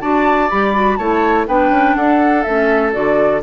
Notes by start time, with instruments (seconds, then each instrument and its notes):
0.00 bassoon D4, clarinet F#4, oboe D5, flute A5
0.49 bassoon G3, clarinet G4, flute B5
0.74 clarinet F#4
0.96 bassoon A3, clarinet E4, oboe C#5, flute A5
1.47 bassoon B3, clarinet D4, oboe B4, flute G5
1.70 bassoon C#4
1.95 bassoon D4, oboe A4, flute F#5
2.42 bassoon A3, clarinet C#4, flute E5
2.92 bassoon D3, clarinet F#4, flute D5